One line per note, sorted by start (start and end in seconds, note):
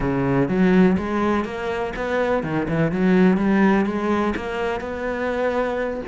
0.00 0.48 C#3
0.48 0.97 F#3
0.97 1.45 G#3
1.45 1.93 A#3
1.96 2.43 B3
2.43 2.67 D#3
2.68 2.91 E3
2.91 3.37 F#3
3.37 3.85 G3
3.85 4.34 G#3
4.35 4.80 A#3
4.80 6.01 B3